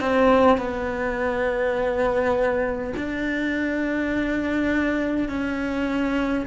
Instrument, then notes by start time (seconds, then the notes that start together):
cello
0.00 C4
0.58 B3
2.96 D4
5.28 C#4